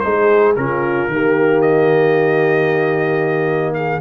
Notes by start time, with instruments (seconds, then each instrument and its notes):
0.00 tuba G#3, trombone D#4, horn G#4, trumpet C5
0.56 tuba C#3, trombone C#4, horn F4, trumpet A#4
1.08 tuba D#3, trombone A#3, horn G4
1.61 trumpet D#5
3.74 horn G#4, trumpet F5